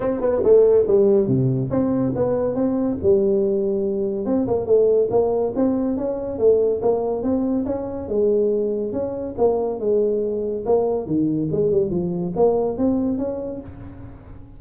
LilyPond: \new Staff \with { instrumentName = "tuba" } { \time 4/4 \tempo 4 = 141 c'8 b8 a4 g4 c4 | c'4 b4 c'4 g4~ | g2 c'8 ais8 a4 | ais4 c'4 cis'4 a4 |
ais4 c'4 cis'4 gis4~ | gis4 cis'4 ais4 gis4~ | gis4 ais4 dis4 gis8 g8 | f4 ais4 c'4 cis'4 | }